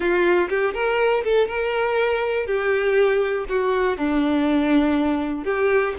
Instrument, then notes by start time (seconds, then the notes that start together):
violin
0.00 F4
0.49 G4
0.74 A#4
1.24 A4
1.47 A#4
2.46 G4
3.48 F#4
3.97 D4
5.44 G4